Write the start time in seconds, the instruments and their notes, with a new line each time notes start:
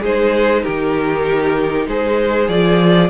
0.00 cello G#3, viola D#4, violin G#4 C5
0.62 cello D#3, violin G4 A#4
1.87 cello G#3, violin G#4 C5
2.48 cello F3, viola F4, violin D5